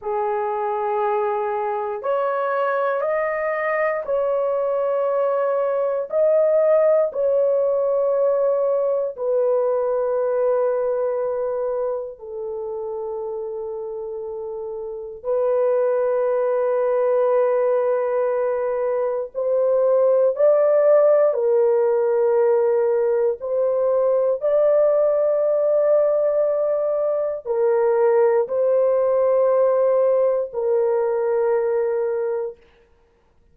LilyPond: \new Staff \with { instrumentName = "horn" } { \time 4/4 \tempo 4 = 59 gis'2 cis''4 dis''4 | cis''2 dis''4 cis''4~ | cis''4 b'2. | a'2. b'4~ |
b'2. c''4 | d''4 ais'2 c''4 | d''2. ais'4 | c''2 ais'2 | }